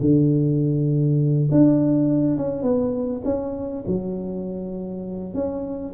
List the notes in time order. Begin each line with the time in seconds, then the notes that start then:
0.00 D3
1.51 D4
2.37 C#4
2.62 B3
3.24 C#4
3.86 F#3
5.34 C#4